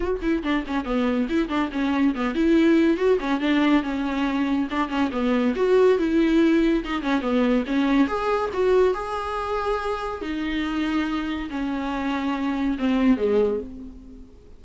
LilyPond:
\new Staff \with { instrumentName = "viola" } { \time 4/4 \tempo 4 = 141 fis'8 e'8 d'8 cis'8 b4 e'8 d'8 | cis'4 b8 e'4. fis'8 cis'8 | d'4 cis'2 d'8 cis'8 | b4 fis'4 e'2 |
dis'8 cis'8 b4 cis'4 gis'4 | fis'4 gis'2. | dis'2. cis'4~ | cis'2 c'4 gis4 | }